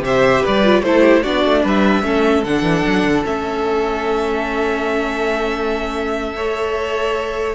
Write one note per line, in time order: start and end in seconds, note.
0.00 0.40 C3
0.00 0.64 G4
0.00 0.42 C5
0.00 0.45 E5
0.42 0.82 G3
0.42 0.82 B4
0.42 0.83 D5
0.64 0.84 F4
0.82 1.22 A3
0.82 1.24 E4
0.82 1.01 A4
0.82 1.23 C5
1.01 1.21 G4
1.23 1.45 B3
1.23 2.03 D4
1.23 1.63 F#4
1.23 1.63 D5
1.45 1.64 A3
1.63 2.03 G3
1.63 2.03 B4
1.63 2.44 E5
2.03 2.43 A3
2.03 2.43 C#4
2.03 6.36 A4
2.44 2.62 D3
2.44 3.24 D4
2.44 3.24 F#5
2.62 2.82 E3
2.86 3.04 F#3
3.04 3.24 D3
3.24 7.55 A3
3.24 6.36 C#4
3.24 7.55 E5
6.36 7.55 A4
6.36 7.55 C#5